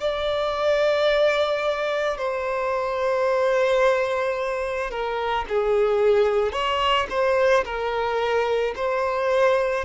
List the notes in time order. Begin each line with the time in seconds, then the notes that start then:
0.00 D5
2.18 C5
4.90 A#4
5.48 G#4
6.52 C#5
7.10 C5
7.65 A#4
8.75 C5